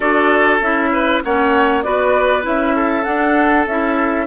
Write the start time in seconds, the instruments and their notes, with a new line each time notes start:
0.00 bassoon D4, clarinet F#4, oboe A4, flute D5
0.60 bassoon C#4, clarinet E4, flute E5
0.92 oboe B4
1.23 bassoon A#3, clarinet C#4, oboe C#5, flute F#5
1.82 bassoon B3, clarinet F#4, oboe B4, flute D5
2.42 bassoon C#4, clarinet E4, flute E5
2.75 oboe A4
3.03 bassoon D4, clarinet D4, flute F#5
3.66 bassoon C#4, clarinet E4, flute E5